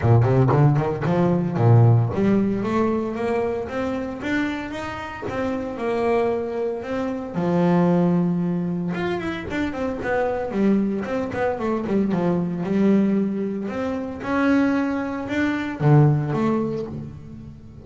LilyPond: \new Staff \with { instrumentName = "double bass" } { \time 4/4 \tempo 4 = 114 ais,8 c8 d8 dis8 f4 ais,4 | g4 a4 ais4 c'4 | d'4 dis'4 c'4 ais4~ | ais4 c'4 f2~ |
f4 f'8 e'8 d'8 c'8 b4 | g4 c'8 b8 a8 g8 f4 | g2 c'4 cis'4~ | cis'4 d'4 d4 a4 | }